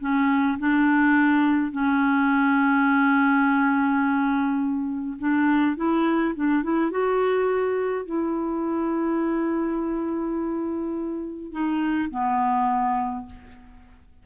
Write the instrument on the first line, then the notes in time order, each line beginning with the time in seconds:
clarinet
0.00 C#4
0.58 D4
1.71 C#4
5.19 D4
5.76 E4
6.35 D4
6.63 E4
6.90 F#4
8.06 E4
11.52 D#4
12.10 B3